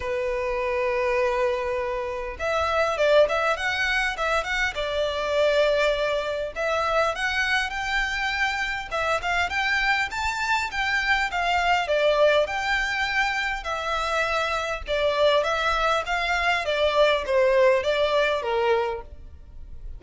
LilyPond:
\new Staff \with { instrumentName = "violin" } { \time 4/4 \tempo 4 = 101 b'1 | e''4 d''8 e''8 fis''4 e''8 fis''8 | d''2. e''4 | fis''4 g''2 e''8 f''8 |
g''4 a''4 g''4 f''4 | d''4 g''2 e''4~ | e''4 d''4 e''4 f''4 | d''4 c''4 d''4 ais'4 | }